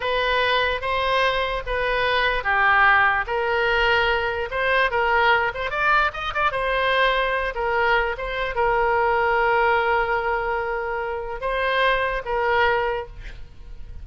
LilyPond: \new Staff \with { instrumentName = "oboe" } { \time 4/4 \tempo 4 = 147 b'2 c''2 | b'2 g'2 | ais'2. c''4 | ais'4. c''8 d''4 dis''8 d''8 |
c''2~ c''8 ais'4. | c''4 ais'2.~ | ais'1 | c''2 ais'2 | }